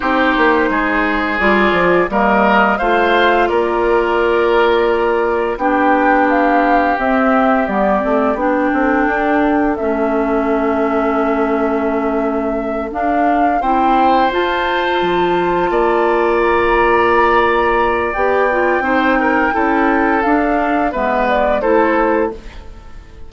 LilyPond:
<<
  \new Staff \with { instrumentName = "flute" } { \time 4/4 \tempo 4 = 86 c''2 d''4 dis''4 | f''4 d''2. | g''4 f''4 e''4 d''4 | g''2 e''2~ |
e''2~ e''8 f''4 g''8~ | g''8 a''2. ais''8~ | ais''2 g''2~ | g''4 f''4 e''8 d''8 c''4 | }
  \new Staff \with { instrumentName = "oboe" } { \time 4/4 g'4 gis'2 ais'4 | c''4 ais'2. | g'1~ | g'8 a'2.~ a'8~ |
a'2.~ a'8 c''8~ | c''2~ c''8 d''4.~ | d''2. c''8 ais'8 | a'2 b'4 a'4 | }
  \new Staff \with { instrumentName = "clarinet" } { \time 4/4 dis'2 f'4 ais4 | f'1 | d'2 c'4 b8 c'8 | d'2 cis'2~ |
cis'2~ cis'8 d'4 e'8~ | e'8 f'2.~ f'8~ | f'2 g'8 f'8 dis'4 | e'4 d'4 b4 e'4 | }
  \new Staff \with { instrumentName = "bassoon" } { \time 4/4 c'8 ais8 gis4 g8 f8 g4 | a4 ais2. | b2 c'4 g8 a8 | b8 c'8 d'4 a2~ |
a2~ a8 d'4 c'8~ | c'8 f'4 f4 ais4.~ | ais2 b4 c'4 | cis'4 d'4 gis4 a4 | }
>>